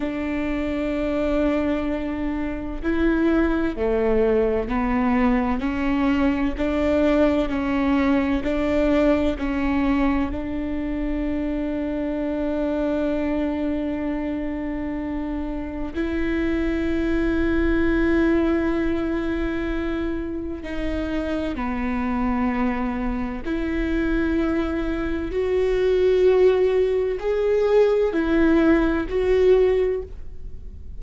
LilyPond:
\new Staff \with { instrumentName = "viola" } { \time 4/4 \tempo 4 = 64 d'2. e'4 | a4 b4 cis'4 d'4 | cis'4 d'4 cis'4 d'4~ | d'1~ |
d'4 e'2.~ | e'2 dis'4 b4~ | b4 e'2 fis'4~ | fis'4 gis'4 e'4 fis'4 | }